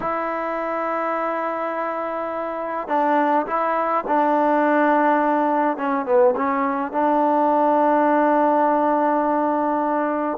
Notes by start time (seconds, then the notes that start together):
0.00 E4
2.88 D4
3.46 E4
4.07 D4
5.77 C#4
6.05 B3
6.36 C#4
6.92 D4